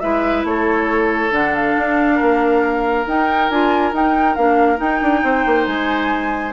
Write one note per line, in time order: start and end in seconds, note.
0.00 0.44 G#3
0.00 1.32 E4
0.00 0.46 B4
0.00 0.43 E5
0.44 1.31 A3
0.44 2.15 A4
0.44 1.33 C#5
1.31 1.74 D3
1.31 3.06 D4
1.31 1.55 F#5
1.55 3.07 F5
1.78 2.21 D4
2.15 3.06 A#3
2.15 5.20 A#4
3.06 3.50 D#4
3.06 3.51 D#4
3.06 3.50 G5
3.50 3.93 D4
3.50 3.93 F4
3.50 3.93 G#5
3.93 4.36 D#4
3.93 4.37 D#4
3.93 4.35 G5
4.35 4.80 A#3
4.35 4.77 D4
4.35 4.79 F5
4.77 6.51 D#4
4.77 5.01 D#4
4.77 5.66 G5
5.02 5.23 D4
5.23 5.45 C4
5.23 6.53 C5
5.46 5.67 A#3
5.67 6.53 G#3
5.67 6.53 G#5